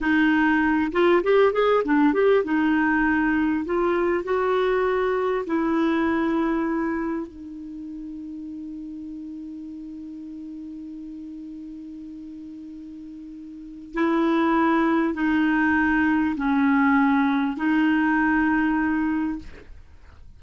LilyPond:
\new Staff \with { instrumentName = "clarinet" } { \time 4/4 \tempo 4 = 99 dis'4. f'8 g'8 gis'8 d'8 g'8 | dis'2 f'4 fis'4~ | fis'4 e'2. | dis'1~ |
dis'1~ | dis'2. e'4~ | e'4 dis'2 cis'4~ | cis'4 dis'2. | }